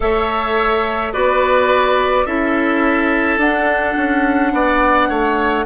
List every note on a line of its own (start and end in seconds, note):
0.00 1.14 A3
0.00 1.12 A4
0.00 1.13 C#5
0.00 1.12 E5
1.12 2.26 B3
1.12 2.26 F#4
1.12 2.25 B4
1.12 2.26 D5
2.25 3.37 C#4
2.25 3.39 E4
2.25 4.52 A4
2.25 3.39 E5
3.37 3.94 D4
3.37 5.66 D4
3.37 5.66 F#5
3.96 4.52 C#4
4.52 5.09 B3
4.52 5.08 D5
5.08 5.65 A3
5.08 5.65 C#5